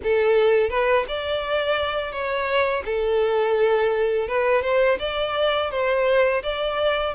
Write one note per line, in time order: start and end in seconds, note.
0.03 0.69 A4
0.69 1.05 B4
1.07 2.11 D5
2.11 2.83 C#5
2.85 4.28 A4
4.28 4.62 B4
4.62 4.97 C5
4.99 5.70 D5
5.70 6.42 C5
6.43 7.14 D5